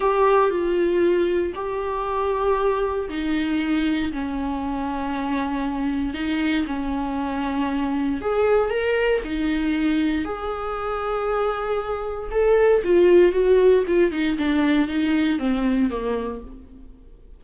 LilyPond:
\new Staff \with { instrumentName = "viola" } { \time 4/4 \tempo 4 = 117 g'4 f'2 g'4~ | g'2 dis'2 | cis'1 | dis'4 cis'2. |
gis'4 ais'4 dis'2 | gis'1 | a'4 f'4 fis'4 f'8 dis'8 | d'4 dis'4 c'4 ais4 | }